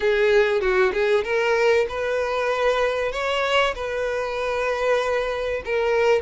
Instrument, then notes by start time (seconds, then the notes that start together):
violin
0.00 G#4
0.61 F#4
0.93 G#4
1.24 A#4
1.89 B4
3.12 C#5
3.75 B4
5.65 A#4